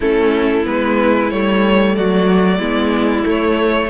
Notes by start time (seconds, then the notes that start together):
0.00 A3 C#4 E4 A4
0.63 G#3 B3 B4
1.30 G3 A3 C#5
1.95 F#3 F#4 D5
2.58 G#3 B3 E4
3.23 A3 C#5